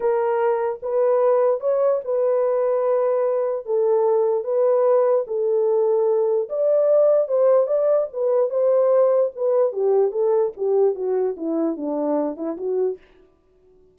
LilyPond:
\new Staff \with { instrumentName = "horn" } { \time 4/4 \tempo 4 = 148 ais'2 b'2 | cis''4 b'2.~ | b'4 a'2 b'4~ | b'4 a'2. |
d''2 c''4 d''4 | b'4 c''2 b'4 | g'4 a'4 g'4 fis'4 | e'4 d'4. e'8 fis'4 | }